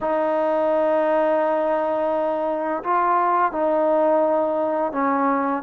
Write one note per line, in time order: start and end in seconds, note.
0.00 2.83 D#4
2.83 3.52 F4
3.52 4.92 D#4
4.92 5.62 C#4